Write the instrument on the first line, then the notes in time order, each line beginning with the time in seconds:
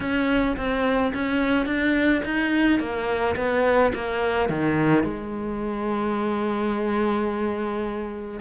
cello
0.00 C#4
0.56 C4
1.13 C#4
1.66 D4
2.25 D#4
2.79 A#3
3.36 B3
3.94 A#3
4.49 D#3
5.03 G#3